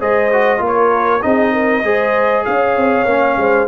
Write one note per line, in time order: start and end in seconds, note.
0.00 0.60 G#3
0.00 0.31 G#4
0.00 0.61 C5
0.00 0.63 D#5
0.33 0.58 F#4
0.58 1.21 A#3
0.58 1.20 F4
0.58 1.24 A#4
0.67 1.22 C#5
1.22 1.84 C4
1.22 1.84 D#4
1.22 1.53 G#4
1.22 2.45 D#5
1.53 1.83 A#4
1.84 2.45 G#3
1.84 3.06 G#4
1.84 2.46 C5
2.45 2.77 C#4
2.45 3.40 C#5
2.45 3.67 F5
2.77 3.06 C4
3.06 3.36 A#3
3.06 3.67 C#4
3.37 3.67 G#3
3.37 3.67 C5